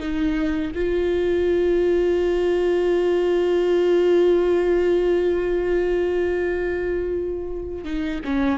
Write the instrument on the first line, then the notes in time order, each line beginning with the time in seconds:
viola
0.00 D#4
0.75 F4
7.84 D#4
8.25 C#4